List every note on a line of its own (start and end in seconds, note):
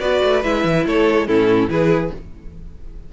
0.00 0.21 B3
0.00 0.43 F#4
0.00 0.85 B4
0.00 0.43 D5
0.23 0.44 A3
0.43 0.64 G#3
0.43 1.27 E4
0.43 0.86 E5
0.64 0.85 E3
0.85 1.27 A3
0.85 1.27 A4
0.85 1.27 C#5
1.27 1.68 A2
1.27 1.68 C#4
1.27 1.70 E4
1.27 1.69 A4
1.68 2.10 E3
1.68 2.11 E4
1.68 2.13 G#4
1.68 2.12 B4